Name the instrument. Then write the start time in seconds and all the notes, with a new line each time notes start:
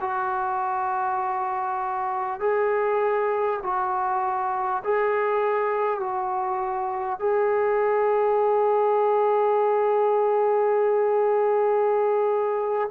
trombone
0.00 F#4
2.40 G#4
3.62 F#4
4.83 G#4
5.99 F#4
7.19 G#4